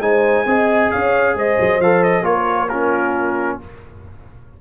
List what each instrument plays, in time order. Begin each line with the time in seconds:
0.00 tuba G#3, trombone D#4, horn C5, trumpet G#5
0.46 tuba C4, trombone G#4, horn D#5
0.91 tuba C#4, horn C#5, trumpet F5
1.35 tuba G#3, horn C5, trumpet D#5
1.61 tuba F#3
1.80 tuba F3, trombone A4, trumpet F5
2.04 trumpet D#5
2.22 tuba A#3, trombone F4, horn A#4, trumpet C#5
2.69 trombone C#4, horn F4, trumpet A#4